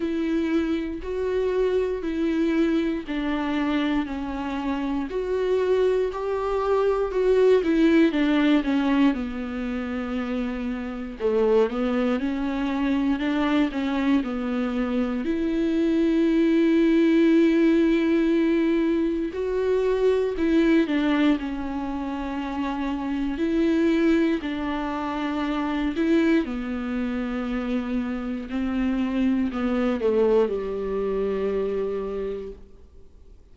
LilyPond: \new Staff \with { instrumentName = "viola" } { \time 4/4 \tempo 4 = 59 e'4 fis'4 e'4 d'4 | cis'4 fis'4 g'4 fis'8 e'8 | d'8 cis'8 b2 a8 b8 | cis'4 d'8 cis'8 b4 e'4~ |
e'2. fis'4 | e'8 d'8 cis'2 e'4 | d'4. e'8 b2 | c'4 b8 a8 g2 | }